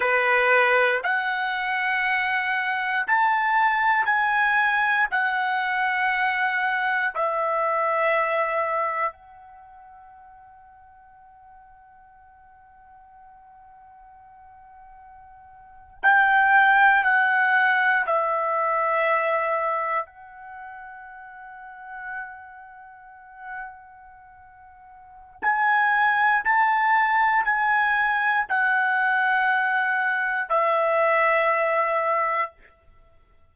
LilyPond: \new Staff \with { instrumentName = "trumpet" } { \time 4/4 \tempo 4 = 59 b'4 fis''2 a''4 | gis''4 fis''2 e''4~ | e''4 fis''2.~ | fis''2.~ fis''8. g''16~ |
g''8. fis''4 e''2 fis''16~ | fis''1~ | fis''4 gis''4 a''4 gis''4 | fis''2 e''2 | }